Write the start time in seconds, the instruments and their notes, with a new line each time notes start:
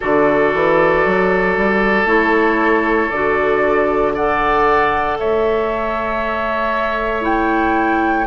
0.00 bassoon D3, clarinet F#4, oboe A4, flute D5
0.54 bassoon E3
1.05 bassoon F#3
1.57 bassoon G3
2.04 bassoon A3, clarinet E4, flute C#5
3.09 bassoon D3, clarinet F#4, flute D5
4.14 clarinet A4, oboe D5, flute F#5
5.18 bassoon A3, oboe C#5, flute E5
7.21 clarinet E4, flute G5